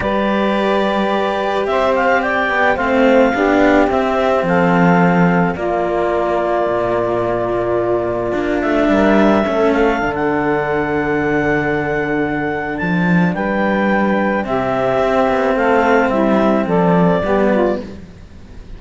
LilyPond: <<
  \new Staff \with { instrumentName = "clarinet" } { \time 4/4 \tempo 4 = 108 d''2. e''8 f''8 | g''4 f''2 e''4 | f''2 d''2~ | d''2.~ d''8 e''8~ |
e''4. f''8. fis''4.~ fis''16~ | fis''2. a''4 | g''2 e''2 | f''4 e''4 d''2 | }
  \new Staff \with { instrumentName = "saxophone" } { \time 4/4 b'2. c''4 | d''4 c''4 g'2 | a'2 f'2~ | f'1 |
ais'4 a'2.~ | a'1 | b'2 g'2 | a'4 e'4 a'4 g'8 f'8 | }
  \new Staff \with { instrumentName = "cello" } { \time 4/4 g'1~ | g'4 c'4 d'4 c'4~ | c'2 ais2~ | ais2. d'4~ |
d'4 cis'4 d'2~ | d'1~ | d'2 c'2~ | c'2. b4 | }
  \new Staff \with { instrumentName = "cello" } { \time 4/4 g2. c'4~ | c'8 b8 a4 b4 c'4 | f2 ais2 | ais,2. ais8 a8 |
g4 a4 d2~ | d2. f4 | g2 c4 c'8 b8 | a4 g4 f4 g4 | }
>>